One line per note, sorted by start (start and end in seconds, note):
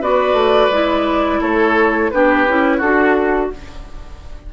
0.00 0.33 B3
0.00 0.71 F#4
0.00 1.40 B4
0.00 1.41 D5
0.33 0.67 A3
0.69 1.39 G#3
0.69 2.11 E4
1.40 2.11 A3
1.40 2.10 A4
1.40 2.10 C#5
2.10 2.47 B3
2.10 2.47 D4
2.10 2.77 G4
2.10 2.80 B4
2.47 2.80 C#4
2.47 2.82 E4
2.77 3.50 D4
2.77 3.47 F#4
2.77 3.50 A4
2.83 3.53 F#4